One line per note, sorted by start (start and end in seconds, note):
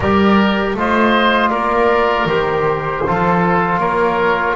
0.00 0.74 G3
0.00 0.77 G4
0.00 0.75 A#4
0.00 0.72 D5
0.74 1.50 A3
0.74 2.28 F4
0.74 1.50 C5
0.74 1.51 D#5
1.50 2.25 A#3
1.50 3.02 A#4
1.50 2.26 D5
2.25 3.01 D#3
2.25 3.04 G4
2.25 3.78 C5
3.06 3.78 F3
3.06 4.55 F4
3.06 3.80 A4
3.78 4.53 A#3
3.78 4.55 A#4
3.78 4.55 C#5